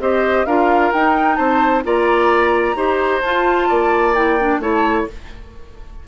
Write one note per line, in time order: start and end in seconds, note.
0.00 0.46 C4
0.00 0.47 G4
0.00 0.47 C5
0.00 0.46 D#5
0.46 0.92 D4
0.46 0.94 F4
0.46 1.37 A#4
0.46 0.92 F5
0.93 1.39 D#4
0.93 1.84 D#4
0.93 1.36 G5
1.36 1.85 C4
1.36 1.84 C5
1.36 1.82 A5
1.84 2.76 A#3
1.84 2.75 F4
1.84 2.77 D5
1.84 3.22 A#5
2.75 3.22 D#4
2.75 3.22 G4
2.75 3.69 C5
3.22 3.70 F4
3.22 4.16 F4
3.22 4.14 A5
3.69 4.60 A#3
3.69 4.61 D5
4.14 4.39 E4
4.14 4.60 G5
4.40 4.61 D4
4.60 5.06 A3
4.60 5.08 E4
4.60 5.08 C#5
4.60 5.07 A5